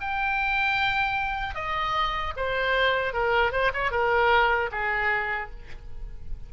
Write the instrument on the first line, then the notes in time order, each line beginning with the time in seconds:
oboe
0.00 G5
1.55 D#5
2.36 C5
3.13 A#4
3.52 C5
3.73 C#5
3.91 A#4
4.72 G#4